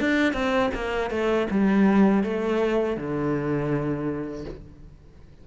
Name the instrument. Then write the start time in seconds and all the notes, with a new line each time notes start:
cello
0.00 D4
0.33 C4
0.74 A#3
1.10 A3
1.51 G3
2.24 A3
2.97 D3